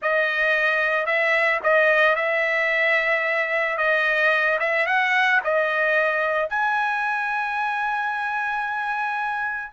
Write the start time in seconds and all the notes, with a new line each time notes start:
0.01 D#5
1.06 E5
1.63 D#5
2.15 E5
3.77 D#5
4.59 E5
4.86 F#5
5.43 D#5
6.49 G#5